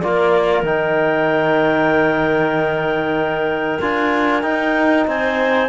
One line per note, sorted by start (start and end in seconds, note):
0.00 0.63 A#3
0.00 0.66 F4
0.00 5.08 A#4
0.00 0.63 D5
0.63 3.79 D#3
0.63 3.82 D#4
0.63 3.81 G5
3.81 4.43 D4
3.81 4.43 F4
3.81 4.42 G#5
4.42 5.69 D#4
4.42 5.07 D#4
4.42 5.05 G5
5.07 5.70 C4
5.07 5.70 C5
5.07 5.70 G#5